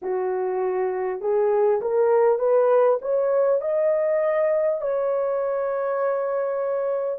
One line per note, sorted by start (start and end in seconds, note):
0.02 1.21 F#4
1.21 1.81 G#4
1.81 2.38 A#4
2.38 2.98 B4
3.01 3.61 C#5
3.61 4.81 D#5
4.81 7.19 C#5